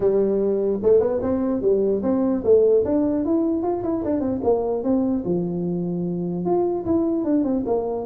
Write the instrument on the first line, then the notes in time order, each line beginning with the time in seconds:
tuba
0.00 G3
0.83 A3
1.00 B3
1.22 C4
1.61 G3
2.03 C4
2.44 A3
2.84 D4
3.25 E4
3.62 F4
3.83 E4
4.04 D4
4.20 C4
4.43 A#3
4.83 C4
5.25 F3
6.45 F4
6.85 E4
7.24 D4
7.44 C4
7.66 A#3